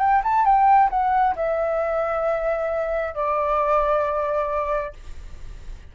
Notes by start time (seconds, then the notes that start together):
0.00 G5
0.24 A5
0.46 G5
0.91 F#5
1.36 E5
3.15 D5